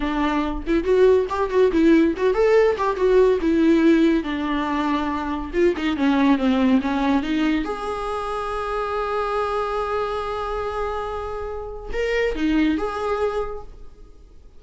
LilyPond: \new Staff \with { instrumentName = "viola" } { \time 4/4 \tempo 4 = 141 d'4. e'8 fis'4 g'8 fis'8 | e'4 fis'8 a'4 g'8 fis'4 | e'2 d'2~ | d'4 f'8 dis'8 cis'4 c'4 |
cis'4 dis'4 gis'2~ | gis'1~ | gis'1 | ais'4 dis'4 gis'2 | }